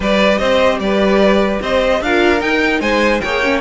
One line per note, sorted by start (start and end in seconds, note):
0.00 0.38 G3
0.00 2.02 G4
0.00 0.39 B4
0.00 0.38 D5
0.38 0.79 C4
0.38 0.80 C5
0.38 0.78 D#5
0.79 1.59 G3
0.79 1.61 B4
0.79 1.61 D5
1.61 2.01 C4
1.61 2.02 C5
1.61 2.02 D#5
2.01 2.41 D4
2.01 2.38 F4
2.01 2.81 A#4
2.01 2.41 F5
2.38 3.18 D#4
2.38 2.80 D#4
2.38 2.80 G5
2.80 3.20 G#3
2.80 3.21 C5
2.80 3.20 G#5
3.20 3.60 A#3
3.20 3.43 G#4
3.20 3.60 C#5
3.20 3.60 G5
3.43 3.60 C#4